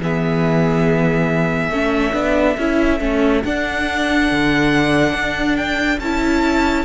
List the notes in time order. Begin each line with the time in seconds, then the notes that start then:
0.00 E3 B3 G#4 E5
1.69 A3 C#4 A4
2.13 B3 D4
2.57 C#4 E4
3.00 A3 C#4
3.44 D4 F#5
4.31 D3
5.13 D4
5.56 G5
5.99 C#4 E4 A5